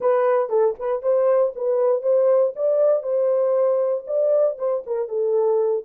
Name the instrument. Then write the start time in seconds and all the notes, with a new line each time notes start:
horn
0.00 B4
0.49 A4
0.79 B4
1.02 C5
1.55 B4
2.02 C5
2.55 D5
3.02 C5
4.07 D5
4.58 C5
4.86 A#4
5.08 A4